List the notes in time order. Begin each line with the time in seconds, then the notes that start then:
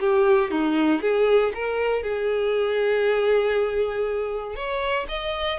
0.00 G4
0.51 D#4
1.02 G#4
1.55 A#4
2.03 G#4
4.56 C#5
5.09 D#5